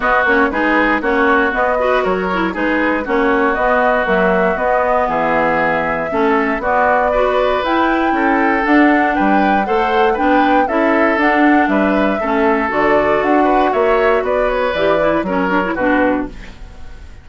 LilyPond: <<
  \new Staff \with { instrumentName = "flute" } { \time 4/4 \tempo 4 = 118 dis''8 cis''8 b'4 cis''4 dis''4 | cis''4 b'4 cis''4 dis''4 | e''4 dis''4 e''2~ | e''4 d''2 g''4~ |
g''4 fis''4 g''4 fis''4 | g''4 e''4 fis''4 e''4~ | e''4 d''4 fis''4 e''4 | d''8 cis''8 d''4 cis''4 b'4 | }
  \new Staff \with { instrumentName = "oboe" } { \time 4/4 fis'4 gis'4 fis'4. b'8 | ais'4 gis'4 fis'2~ | fis'2 gis'2 | a'4 fis'4 b'2 |
a'2 b'4 c''4 | b'4 a'2 b'4 | a'2~ a'8 b'8 cis''4 | b'2 ais'4 fis'4 | }
  \new Staff \with { instrumentName = "clarinet" } { \time 4/4 b8 cis'8 dis'4 cis'4 b8 fis'8~ | fis'8 e'8 dis'4 cis'4 b4 | fis4 b2. | cis'4 b4 fis'4 e'4~ |
e'4 d'2 a'4 | d'4 e'4 d'2 | cis'4 fis'2.~ | fis'4 g'8 e'8 cis'8 d'16 e'16 d'4 | }
  \new Staff \with { instrumentName = "bassoon" } { \time 4/4 b8 ais8 gis4 ais4 b4 | fis4 gis4 ais4 b4 | ais4 b4 e2 | a4 b2 e'4 |
cis'4 d'4 g4 a4 | b4 cis'4 d'4 g4 | a4 d4 d'4 ais4 | b4 e4 fis4 b,4 | }
>>